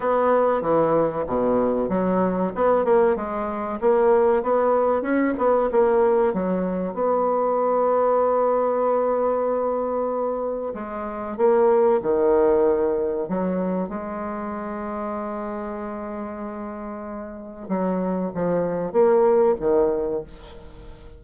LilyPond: \new Staff \with { instrumentName = "bassoon" } { \time 4/4 \tempo 4 = 95 b4 e4 b,4 fis4 | b8 ais8 gis4 ais4 b4 | cis'8 b8 ais4 fis4 b4~ | b1~ |
b4 gis4 ais4 dis4~ | dis4 fis4 gis2~ | gis1 | fis4 f4 ais4 dis4 | }